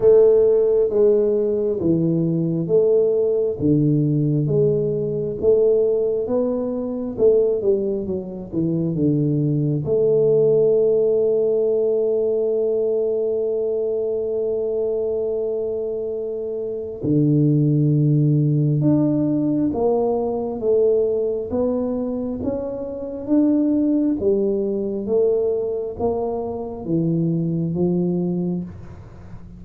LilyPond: \new Staff \with { instrumentName = "tuba" } { \time 4/4 \tempo 4 = 67 a4 gis4 e4 a4 | d4 gis4 a4 b4 | a8 g8 fis8 e8 d4 a4~ | a1~ |
a2. d4~ | d4 d'4 ais4 a4 | b4 cis'4 d'4 g4 | a4 ais4 e4 f4 | }